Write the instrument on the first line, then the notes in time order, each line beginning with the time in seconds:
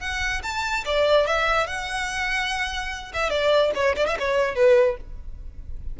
violin
0.00 F#5
0.43 A5
0.85 D5
1.27 E5
1.67 F#5
3.13 E5
3.30 D5
3.75 C#5
3.96 D5
4.07 E5
4.19 C#5
4.55 B4